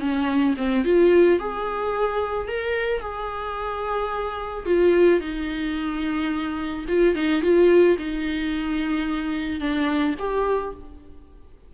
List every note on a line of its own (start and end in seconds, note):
0.00 0.55 C#4
0.57 0.85 C4
0.85 1.40 F4
1.40 2.48 G#4
2.48 3.01 A#4
3.01 4.66 G#4
4.66 5.21 F4
5.21 6.86 D#4
6.88 7.15 F4
7.15 7.42 D#4
7.42 7.97 F4
7.98 9.60 D#4
9.60 10.15 D4
10.19 10.74 G4